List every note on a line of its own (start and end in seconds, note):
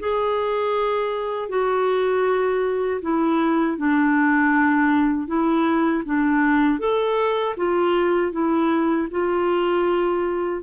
0.00 1.49 G#4
1.49 3.01 F#4
3.02 3.78 E4
3.78 5.28 D4
5.28 6.03 E4
6.06 6.79 D4
6.79 7.55 A4
7.57 8.32 F4
8.32 9.08 E4
9.11 10.63 F4